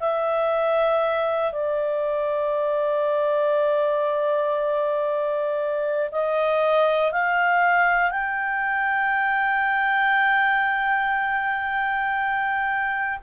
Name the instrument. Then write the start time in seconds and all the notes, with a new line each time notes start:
clarinet
0.00 E5
1.52 D5
6.12 D#5
7.12 F5
8.11 G5